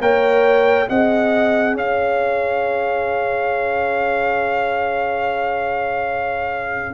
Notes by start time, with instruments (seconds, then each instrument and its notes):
0.00 tuba A#3, trombone A#4, horn C#5, trumpet G5
0.88 tuba C4, trombone G#4, horn D#5, trumpet F#5
1.75 tuba C#4, horn C#5, trumpet F5